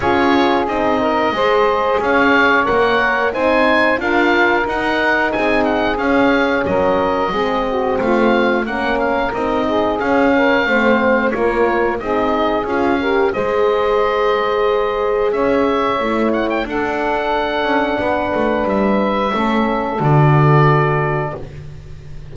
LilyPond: <<
  \new Staff \with { instrumentName = "oboe" } { \time 4/4 \tempo 4 = 90 cis''4 dis''2 f''4 | fis''4 gis''4 f''4 fis''4 | gis''8 fis''8 f''4 dis''2 | f''4 fis''8 f''8 dis''4 f''4~ |
f''4 cis''4 dis''4 f''4 | dis''2. e''4~ | e''8 fis''16 g''16 fis''2. | e''2 d''2 | }
  \new Staff \with { instrumentName = "saxophone" } { \time 4/4 gis'4. ais'8 c''4 cis''4~ | cis''4 c''4 ais'2 | gis'2 ais'4 gis'8 fis'8 | f'4 ais'4. gis'4 ais'8 |
c''4 ais'4 gis'4. ais'8 | c''2. cis''4~ | cis''4 a'2 b'4~ | b'4 a'2. | }
  \new Staff \with { instrumentName = "horn" } { \time 4/4 f'4 dis'4 gis'2 | ais'4 dis'4 f'4 dis'4~ | dis'4 cis'2 c'4~ | c'4 cis'4 dis'4 cis'4 |
c'4 f'4 dis'4 f'8 g'8 | gis'1 | e'4 d'2.~ | d'4 cis'4 fis'2 | }
  \new Staff \with { instrumentName = "double bass" } { \time 4/4 cis'4 c'4 gis4 cis'4 | ais4 c'4 d'4 dis'4 | c'4 cis'4 fis4 gis4 | a4 ais4 c'4 cis'4 |
a4 ais4 c'4 cis'4 | gis2. cis'4 | a4 d'4. cis'8 b8 a8 | g4 a4 d2 | }
>>